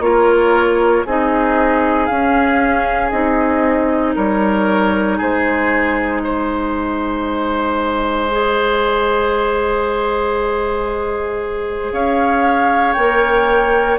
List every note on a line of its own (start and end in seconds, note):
0.00 1.03 A#3
0.00 1.05 F4
0.00 1.06 A#4
0.00 1.06 C#5
1.06 2.10 C4
1.06 2.11 D#4
1.06 4.16 G#4
1.06 2.06 D#5
2.06 3.12 C#4
2.06 3.11 C#4
2.06 3.10 F5
3.11 4.16 C4
3.11 8.28 D#4
3.11 4.14 D#5
4.16 5.20 G3
4.16 5.18 A#4
4.16 5.20 C#5
5.18 11.92 G#3
5.18 6.22 G#4
5.18 6.24 C5
6.24 11.94 C5
6.24 11.93 D#5
8.31 12.97 G#4
11.92 12.96 C#4
11.92 13.99 C#5
11.92 12.94 F5
12.94 13.99 A#3
12.94 13.99 A#4
12.94 13.97 G5